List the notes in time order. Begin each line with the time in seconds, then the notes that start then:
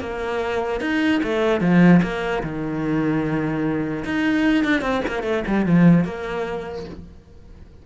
0.00 A#3
0.81 D#4
1.23 A3
1.60 F3
2.02 A#3
2.43 D#3
4.04 D#4
4.64 D4
4.81 C4
5.08 A#3
5.23 A3
5.47 G3
5.65 F3
6.04 A#3